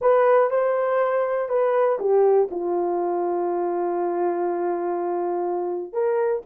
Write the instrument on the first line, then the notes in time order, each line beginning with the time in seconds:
horn
0.01 B4
0.50 C5
1.48 B4
1.99 G4
2.50 F4
5.92 A#4